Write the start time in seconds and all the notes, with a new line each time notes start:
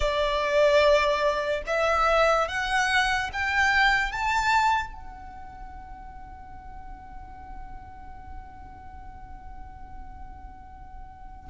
0.00 D5
1.67 E5
2.48 F#5
3.33 G5
4.12 A5
4.93 F#5